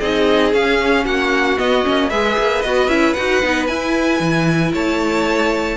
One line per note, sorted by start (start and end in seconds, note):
0.00 0.53 C4
0.00 0.53 D#4
0.00 1.05 G#4
0.00 0.53 D#5
0.53 1.58 C#4
0.53 1.05 C#4
0.53 1.06 F5
1.05 1.58 A#3
1.05 2.08 F#4
1.05 1.58 F#5
1.58 1.84 B3
1.58 1.86 B3
1.58 2.10 D#5
1.84 2.11 A#3
1.84 2.10 C#4
2.08 2.37 G#3
2.08 2.64 G#4
2.08 4.72 B4
2.08 2.62 E5
2.38 2.64 A#3
2.62 2.87 B3
2.62 2.89 F#4
2.62 2.88 D#5
2.87 3.14 C#4
2.87 3.15 E4
2.87 3.13 E5
3.13 3.43 D#4
3.13 3.43 F#4
3.13 3.66 F#5
3.43 3.69 B3
3.43 3.69 D#4
3.67 4.20 E4
3.67 5.77 E4
3.67 4.72 G#5
4.20 4.73 E3
4.73 5.77 A3
4.73 5.77 C#5
4.73 5.77 A5